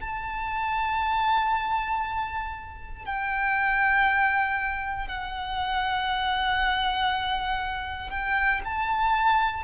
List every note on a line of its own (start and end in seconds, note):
0.00 3.05 A5
3.05 5.08 G5
5.08 8.10 F#5
8.10 8.61 G5
8.64 9.64 A5